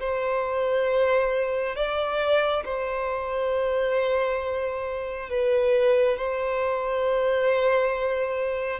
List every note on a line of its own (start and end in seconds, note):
0.00 1.76 C5
1.76 2.64 D5
2.65 5.30 C5
5.30 6.17 B4
6.17 8.80 C5